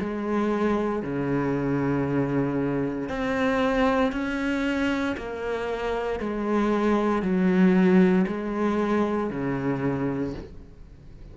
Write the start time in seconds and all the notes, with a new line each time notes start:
0.00 G#3
1.03 C#3
3.09 C4
4.12 C#4
5.17 A#3
6.20 G#3
7.22 F#3
8.28 G#3
9.31 C#3